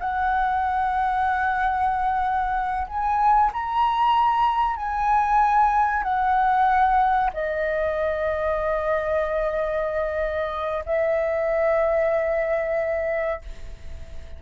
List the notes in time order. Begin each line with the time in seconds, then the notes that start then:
0.00 F#5
2.88 G#5
3.53 A#5
4.77 G#5
6.03 F#5
7.34 D#5
10.87 E5